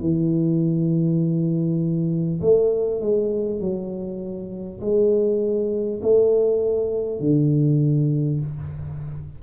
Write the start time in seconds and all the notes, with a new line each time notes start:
0.00 E3
2.41 A3
3.01 G#3
3.60 F#3
4.80 G#3
6.02 A3
7.19 D3